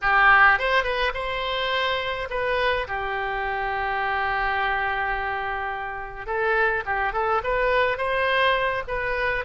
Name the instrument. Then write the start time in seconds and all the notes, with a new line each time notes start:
oboe
0.01 G4
0.59 C5
0.83 B4
1.14 C5
2.30 B4
2.87 G4
6.26 A4
6.85 G4
7.12 A4
7.43 B4
7.97 C5
8.87 B4